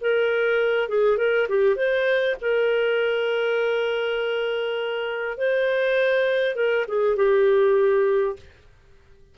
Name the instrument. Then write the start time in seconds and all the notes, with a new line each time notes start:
clarinet
0.00 A#4
0.88 G#4
1.17 A#4
1.48 G4
1.75 C5
2.41 A#4
5.37 C5
6.55 A#4
6.87 G#4
7.16 G4